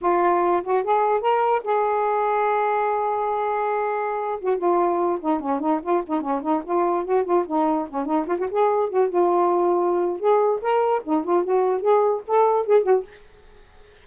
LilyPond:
\new Staff \with { instrumentName = "saxophone" } { \time 4/4 \tempo 4 = 147 f'4. fis'8 gis'4 ais'4 | gis'1~ | gis'2~ gis'8. fis'8 f'8.~ | f'8. dis'8 cis'8 dis'8 f'8 dis'8 cis'8 dis'16~ |
dis'16 f'4 fis'8 f'8 dis'4 cis'8 dis'16~ | dis'16 f'16 fis'16 gis'4 fis'8 f'4.~ f'16~ | f'4 gis'4 ais'4 dis'8 f'8 | fis'4 gis'4 a'4 gis'8 fis'8 | }